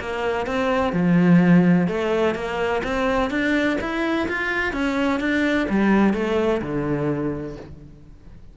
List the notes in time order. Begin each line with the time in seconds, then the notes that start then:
0.00 A#3
0.46 C4
0.93 F3
1.87 A3
2.35 A#3
2.83 C4
3.30 D4
3.81 E4
4.28 F4
4.73 C#4
5.20 D4
5.70 G3
6.14 A3
6.62 D3